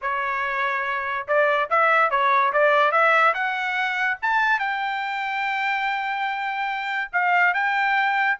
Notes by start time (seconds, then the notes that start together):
0.01 C#5
1.27 D5
1.70 E5
2.10 C#5
2.53 D5
2.91 E5
3.34 F#5
4.21 A5
4.59 G5
7.12 F5
7.54 G5